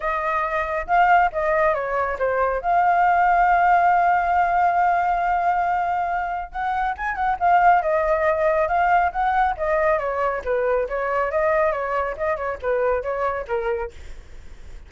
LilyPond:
\new Staff \with { instrumentName = "flute" } { \time 4/4 \tempo 4 = 138 dis''2 f''4 dis''4 | cis''4 c''4 f''2~ | f''1~ | f''2. fis''4 |
gis''8 fis''8 f''4 dis''2 | f''4 fis''4 dis''4 cis''4 | b'4 cis''4 dis''4 cis''4 | dis''8 cis''8 b'4 cis''4 ais'4 | }